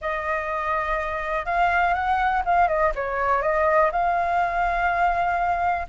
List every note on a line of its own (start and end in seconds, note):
0.01 1.45 D#5
1.45 1.94 F5
1.94 2.43 F#5
2.45 2.67 F5
2.67 2.92 D#5
2.95 3.42 C#5
3.42 3.90 D#5
3.92 5.87 F5